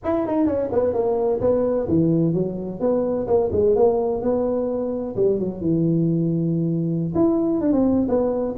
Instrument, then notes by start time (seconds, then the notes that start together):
tuba
0.03 E4
0.26 D#4
0.46 C#4
0.72 B3
0.93 A#3
1.40 B3
1.87 E3
2.33 F#3
2.80 B3
3.27 A#3
3.52 G#3
3.75 A#3
4.21 B3
5.16 G3
5.39 F#3
5.60 E3
7.15 E4
7.60 D4
7.72 C4
8.08 B3